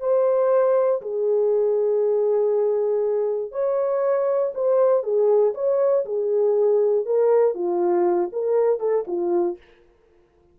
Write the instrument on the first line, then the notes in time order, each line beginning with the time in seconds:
horn
0.00 C5
1.02 G#4
3.52 C#5
4.54 C5
5.03 G#4
5.54 C#5
6.05 G#4
7.06 A#4
7.54 F4
8.32 A#4
8.80 A4
9.07 F4